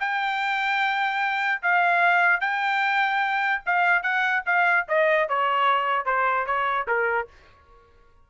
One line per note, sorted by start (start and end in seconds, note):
0.00 1.62 G5
1.62 2.41 F5
2.41 3.62 G5
3.66 4.03 F5
4.03 4.43 F#5
4.46 4.87 F5
4.89 5.29 D#5
5.29 6.06 C#5
6.06 6.46 C5
6.46 6.87 C#5
6.88 7.28 A#4